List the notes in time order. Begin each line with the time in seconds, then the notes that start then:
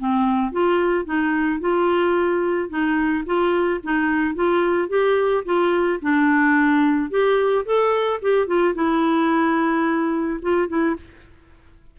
0.00 C4
0.52 F4
1.06 D#4
1.61 F4
2.70 D#4
3.26 F4
3.84 D#4
4.35 F4
4.89 G4
5.45 F4
6.03 D4
7.11 G4
7.66 A4
8.22 G4
8.47 F4
8.75 E4
10.42 F4
10.69 E4